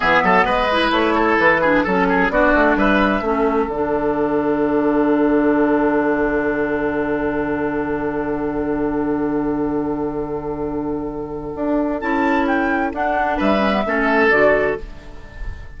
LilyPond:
<<
  \new Staff \with { instrumentName = "flute" } { \time 4/4 \tempo 4 = 130 e''4 dis''4 cis''4 b'4 | a'4 d''4 e''2 | fis''1~ | fis''1~ |
fis''1~ | fis''1~ | fis''2 a''4 g''4 | fis''4 e''2 d''4 | }
  \new Staff \with { instrumentName = "oboe" } { \time 4/4 gis'8 a'8 b'4. a'4 gis'8 | a'8 gis'8 fis'4 b'4 a'4~ | a'1~ | a'1~ |
a'1~ | a'1~ | a'1~ | a'4 b'4 a'2 | }
  \new Staff \with { instrumentName = "clarinet" } { \time 4/4 b4. e'2 d'8 | cis'4 d'2 cis'4 | d'1~ | d'1~ |
d'1~ | d'1~ | d'2 e'2 | d'4. cis'16 b16 cis'4 fis'4 | }
  \new Staff \with { instrumentName = "bassoon" } { \time 4/4 e8 fis8 gis4 a4 e4 | fis4 b8 a8 g4 a4 | d1~ | d1~ |
d1~ | d1~ | d4 d'4 cis'2 | d'4 g4 a4 d4 | }
>>